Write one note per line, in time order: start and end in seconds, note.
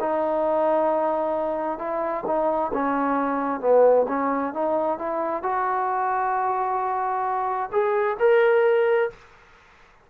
0.00 1.79 D#4
1.79 2.24 E4
2.26 2.71 D#4
2.73 3.60 C#4
3.60 4.06 B3
4.08 4.53 C#4
4.53 4.98 D#4
4.98 5.43 E4
5.43 7.70 F#4
7.72 8.17 G#4
8.19 9.10 A#4